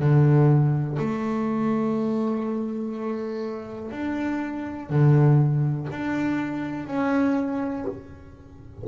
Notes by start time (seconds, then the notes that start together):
0.00 D3
0.99 A3
3.92 D4
4.90 D3
5.92 D4
6.87 C#4